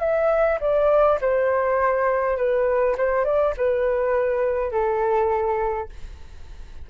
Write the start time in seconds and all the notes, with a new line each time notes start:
0.00 E5
0.60 D5
1.21 C5
2.37 B4
2.98 C5
3.25 D5
3.57 B4
4.72 A4